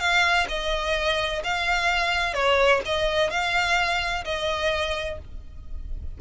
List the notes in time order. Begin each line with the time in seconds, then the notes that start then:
0.00 F5
0.49 D#5
1.44 F5
2.34 C#5
2.86 D#5
3.31 F5
4.25 D#5